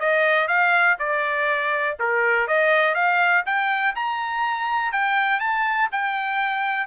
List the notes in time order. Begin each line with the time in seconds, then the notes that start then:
0.00 D#5
0.48 F5
0.99 D5
2.00 A#4
2.48 D#5
2.95 F5
3.46 G5
3.96 A#5
4.93 G5
5.40 A5
5.92 G5